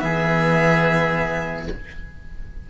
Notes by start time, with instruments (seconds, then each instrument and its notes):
0.00 cello E3 B3, oboe G#4, violin E5